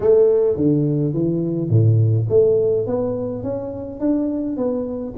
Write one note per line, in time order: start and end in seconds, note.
0.00 0.56 A3
0.56 1.13 D3
1.13 1.69 E3
1.69 2.26 A2
2.29 2.86 A3
2.86 3.43 B3
3.43 3.99 C#4
3.99 4.56 D4
4.56 5.14 B3